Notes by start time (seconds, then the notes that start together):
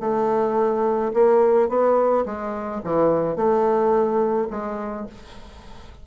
0.00 A3
1.13 A#3
1.69 B3
2.25 G#3
2.84 E3
3.36 A3
4.50 G#3